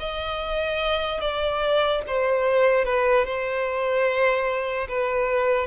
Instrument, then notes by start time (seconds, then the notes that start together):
violin
0.00 D#5
1.21 D5
2.07 C5
2.85 B4
3.26 C5
4.89 B4